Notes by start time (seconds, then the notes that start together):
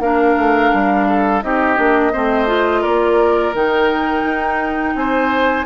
0.00 A#3 D4 A#4 F5
0.37 A3
0.73 G3
1.09 A4
1.43 C4 D#4 G4 D#5
1.77 A#3 D4
2.13 A3 C4 C5
2.47 F4
2.82 A#3 A#4 D5
3.54 D#3 D#4 G5
4.25 D#4
4.95 C4 C5 G#5